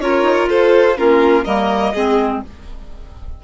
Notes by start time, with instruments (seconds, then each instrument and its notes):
0.00 bassoon C#4, clarinet F4, violin A#4 C#5
0.23 bassoon D#4
0.50 bassoon F4, violin A4 C5
0.97 bassoon A#3, clarinet C#4, violin F4 A#4
1.45 bassoon G3, clarinet A#3, violin A#4 D#5
1.94 bassoon G#3, clarinet C4, violin G#4